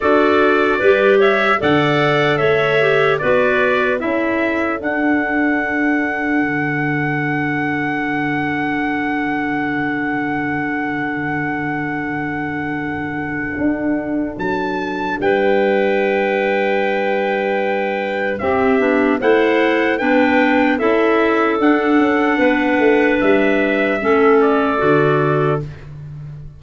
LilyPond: <<
  \new Staff \with { instrumentName = "trumpet" } { \time 4/4 \tempo 4 = 75 d''4. e''8 fis''4 e''4 | d''4 e''4 fis''2~ | fis''1~ | fis''1~ |
fis''2 a''4 g''4~ | g''2. e''4 | fis''4 g''4 e''4 fis''4~ | fis''4 e''4. d''4. | }
  \new Staff \with { instrumentName = "clarinet" } { \time 4/4 a'4 b'8 cis''8 d''4 cis''4 | b'4 a'2.~ | a'1~ | a'1~ |
a'2. b'4~ | b'2. g'4 | c''4 b'4 a'2 | b'2 a'2 | }
  \new Staff \with { instrumentName = "clarinet" } { \time 4/4 fis'4 g'4 a'4. g'8 | fis'4 e'4 d'2~ | d'1~ | d'1~ |
d'1~ | d'2. c'8 d'8 | e'4 d'4 e'4 d'4~ | d'2 cis'4 fis'4 | }
  \new Staff \with { instrumentName = "tuba" } { \time 4/4 d'4 g4 d4 a4 | b4 cis'4 d'2 | d1~ | d1~ |
d4 d'4 fis4 g4~ | g2. c'8 b8 | a4 b4 cis'4 d'8 cis'8 | b8 a8 g4 a4 d4 | }
>>